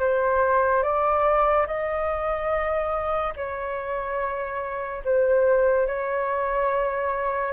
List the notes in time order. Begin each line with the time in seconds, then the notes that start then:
0.00 C5
0.83 D5
1.67 D#5
3.36 C#5
5.05 C5
5.87 C#5